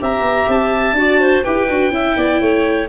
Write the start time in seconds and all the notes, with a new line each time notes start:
0.00 C4 G4 E5 A#5
0.21 B3
0.48 C4 A5
0.93 D4 F#4 D5
1.21 C5
1.43 E4 G4 B4 G5
1.69 D4 F#4
1.90 C#4 E4 E5
2.17 B3 D5
2.40 A3 C#5